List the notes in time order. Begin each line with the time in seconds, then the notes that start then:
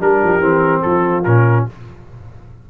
0.00 G3 D4 G4 A#4
0.23 F3
0.39 E3 C4
0.82 F3 F4 A4
1.24 A#2 C#4 A#4